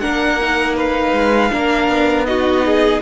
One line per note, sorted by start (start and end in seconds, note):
0.00 1.13 A#3
0.00 0.39 D4
0.00 0.76 A#4
0.00 0.75 F#5
0.41 1.51 D#4
0.76 1.51 B4
0.76 2.26 F5
1.13 1.50 G#3
1.51 1.88 A#3
1.51 2.26 D4
1.51 2.28 A#4
1.88 3.01 B3
2.26 3.01 D#4
2.26 2.66 F#4
2.26 3.01 D#5
2.66 3.02 G#4